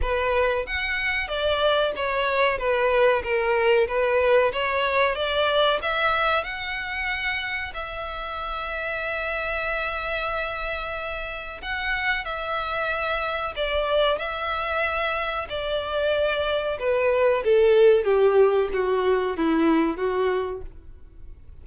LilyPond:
\new Staff \with { instrumentName = "violin" } { \time 4/4 \tempo 4 = 93 b'4 fis''4 d''4 cis''4 | b'4 ais'4 b'4 cis''4 | d''4 e''4 fis''2 | e''1~ |
e''2 fis''4 e''4~ | e''4 d''4 e''2 | d''2 b'4 a'4 | g'4 fis'4 e'4 fis'4 | }